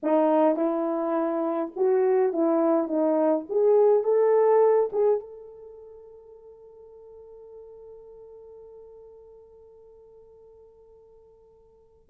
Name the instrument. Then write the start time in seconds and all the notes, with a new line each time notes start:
horn
0.02 D#4
0.56 E4
1.76 F#4
2.32 E4
2.87 D#4
3.49 G#4
4.03 A4
4.92 G#4
5.19 A4